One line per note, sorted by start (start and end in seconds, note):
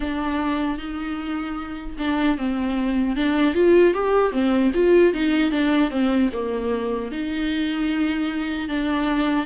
0.00 0.78 D4
0.78 1.96 D#4
1.98 2.37 D4
2.37 3.16 C4
3.16 3.54 D4
3.54 3.93 F4
3.93 4.32 G4
4.32 4.71 C4
4.74 5.13 F4
5.13 5.51 D#4
5.51 5.90 D4
5.90 6.29 C4
6.32 7.11 A#3
7.11 8.68 D#4
8.68 9.46 D4